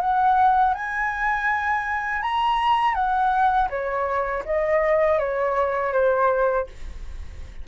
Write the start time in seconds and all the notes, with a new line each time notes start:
0.00 F#5
0.74 G#5
2.22 A#5
2.94 F#5
3.69 C#5
4.45 D#5
5.19 C#5
5.93 C5